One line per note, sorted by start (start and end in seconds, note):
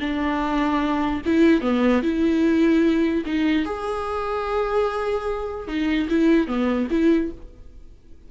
0.00 1.22 D4
1.26 1.61 E4
1.61 2.02 B3
2.02 3.24 E4
3.26 3.65 D#4
3.65 5.68 G#4
5.68 6.08 D#4
6.09 6.47 E4
6.47 6.88 B3
6.90 7.31 E4